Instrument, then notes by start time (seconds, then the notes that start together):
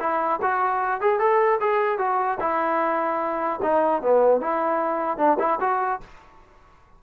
trombone
0.00 E4
0.42 F#4
1.01 G#4
1.19 A4
1.61 G#4
1.99 F#4
2.40 E4
3.63 D#4
4.02 B3
4.41 E4
5.18 D4
5.39 E4
5.61 F#4